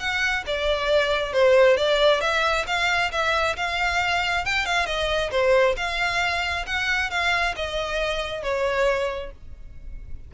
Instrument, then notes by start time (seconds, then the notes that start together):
violin
0.00 F#5
0.47 D5
1.33 C5
1.77 D5
2.21 E5
2.67 F5
3.12 E5
3.57 F5
4.46 G5
4.66 F5
4.86 D#5
5.32 C5
5.77 F5
6.67 F#5
7.11 F5
7.56 D#5
8.43 C#5